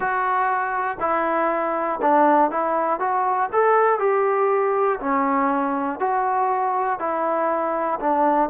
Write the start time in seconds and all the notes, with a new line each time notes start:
0.00 F#4
1.00 E4
2.01 D4
2.50 E4
2.99 F#4
3.52 A4
3.99 G4
5.00 C#4
5.99 F#4
6.99 E4
8.00 D4